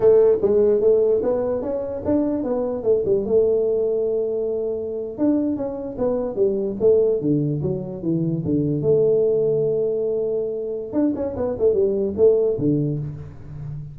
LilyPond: \new Staff \with { instrumentName = "tuba" } { \time 4/4 \tempo 4 = 148 a4 gis4 a4 b4 | cis'4 d'4 b4 a8 g8 | a1~ | a8. d'4 cis'4 b4 g16~ |
g8. a4 d4 fis4 e16~ | e8. d4 a2~ a16~ | a2. d'8 cis'8 | b8 a8 g4 a4 d4 | }